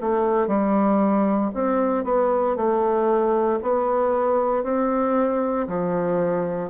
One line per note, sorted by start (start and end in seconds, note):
0.00 0.47 A3
0.47 1.50 G3
1.54 2.04 C4
2.04 2.56 B3
2.56 3.59 A3
3.62 4.63 B3
4.63 5.67 C4
5.67 6.70 F3